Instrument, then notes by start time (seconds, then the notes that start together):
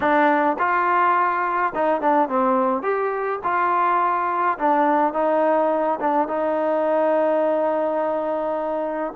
trombone
0.00 D4
0.58 F4
1.74 D#4
2.01 D4
2.28 C4
2.82 G4
3.43 F4
4.58 D4
5.13 D#4
6.00 D4
6.28 D#4